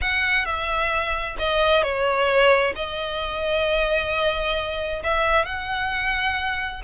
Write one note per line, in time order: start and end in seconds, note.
0.01 0.45 F#5
0.45 1.36 E5
1.38 1.82 D#5
1.82 2.73 C#5
2.75 5.02 D#5
5.03 5.45 E5
5.45 6.81 F#5